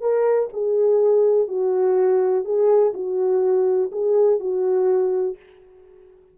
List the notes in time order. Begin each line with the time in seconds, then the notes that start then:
0.00 A#4
0.53 G#4
1.47 F#4
2.44 G#4
2.93 F#4
3.91 G#4
4.39 F#4